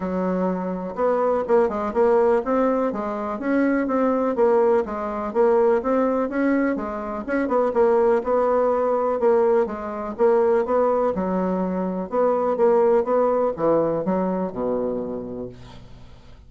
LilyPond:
\new Staff \with { instrumentName = "bassoon" } { \time 4/4 \tempo 4 = 124 fis2 b4 ais8 gis8 | ais4 c'4 gis4 cis'4 | c'4 ais4 gis4 ais4 | c'4 cis'4 gis4 cis'8 b8 |
ais4 b2 ais4 | gis4 ais4 b4 fis4~ | fis4 b4 ais4 b4 | e4 fis4 b,2 | }